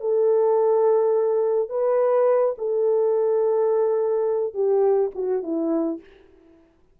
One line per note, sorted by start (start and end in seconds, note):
0.00 1.69 A4
1.69 2.55 B4
2.58 4.54 A4
4.54 5.11 G4
5.15 5.43 F#4
5.43 6.00 E4